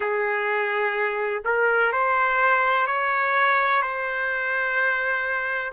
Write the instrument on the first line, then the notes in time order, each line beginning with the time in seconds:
trumpet
0.00 G#4
1.45 A#4
1.92 C5
2.86 C#5
3.81 C5